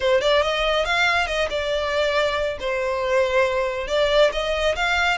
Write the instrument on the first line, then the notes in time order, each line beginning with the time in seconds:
violin
0.00 C5
0.21 D5
0.42 D#5
0.85 F5
1.27 D#5
1.50 D5
2.60 C5
3.87 D5
4.32 D#5
4.75 F5